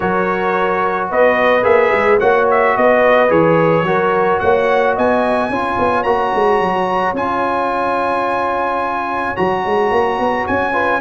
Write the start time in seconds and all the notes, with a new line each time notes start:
0.00 F#3 F#4 A#4 C#5
1.10 B3 B4 D#5
1.62 A#3 G#4 E5
1.92 G#3
2.19 A#3 F#4 C#5 F#5
2.50 E5
2.76 B3 B4 D#5
3.28 E3 G#4 C#5
3.82 F#3 F#4 A#4
4.39 A#3 C#5 F#5
4.95 B3 D#5 G#5
5.49 C#4 F4 C#5
5.78 B3
6.03 A#3 F#4 A#5
6.34 G#3
6.60 F#3
7.13 C#4 F4 G#5
9.36 F#3 F#4 A#5
9.65 G#3
9.91 A#3
10.18 B3
10.46 C#4 G#5
10.72 F4 B4